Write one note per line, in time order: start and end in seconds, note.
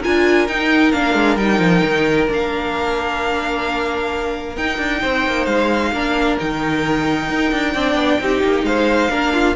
0.00 0.48 D4
0.00 0.48 F4
0.00 5.00 A#4
0.00 0.47 G#5
0.47 0.93 D#4
0.47 0.92 D#4
0.47 0.92 G5
0.92 1.14 A#3
0.92 1.38 D4
0.92 1.37 F5
1.14 1.36 G#3
1.36 1.59 G3
1.36 2.27 D#4
1.36 2.28 G5
1.59 1.81 F3
1.84 2.29 D#3
2.27 4.57 A#3
2.27 4.55 D4
2.27 4.56 F5
4.56 4.77 D#4
4.56 5.93 D#4
4.56 5.46 G5
4.77 5.00 D4
5.00 5.26 C4
5.00 5.91 C5
5.26 5.46 A#3
5.46 5.91 G#3
5.46 6.37 F5
5.91 6.37 A#3
5.91 6.39 D4
5.91 7.74 A#4
6.39 7.29 D#3
6.39 7.75 D#4
6.39 8.65 G5
7.29 7.52 D#4
7.52 7.74 D4
7.74 7.95 C4
7.74 8.21 D4
7.74 8.19 D5
7.95 8.17 B3
8.20 8.43 C4
8.20 9.10 D#4
8.20 8.65 G4
8.44 8.63 A#3
8.63 9.08 G#3
8.63 9.10 C5
8.63 9.55 F5
9.10 9.56 A#3
9.10 9.55 D4
9.10 9.33 A#4
9.33 9.55 F4